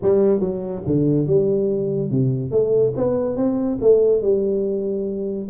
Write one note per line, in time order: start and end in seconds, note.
0.02 0.40 G3
0.40 0.82 F#3
0.86 1.26 D3
1.26 2.10 G3
2.10 2.51 C3
2.51 2.93 A3
2.96 3.36 B3
3.36 3.78 C4
3.81 4.21 A3
4.21 5.48 G3